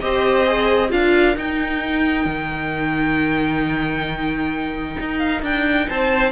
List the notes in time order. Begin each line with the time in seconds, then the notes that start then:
0.00 C4 G4 C5 D#5
0.46 G#4
0.90 D4 F4 A#4 F5
1.36 D#4 G5
2.25 D#3
5.00 D#4
5.18 F5
5.42 D4 G5
5.88 C4 C5 A5